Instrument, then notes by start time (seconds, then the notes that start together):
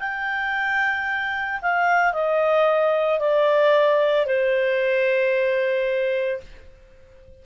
clarinet
0.00 G5
1.62 F5
2.13 D#5
3.19 D5
4.27 C5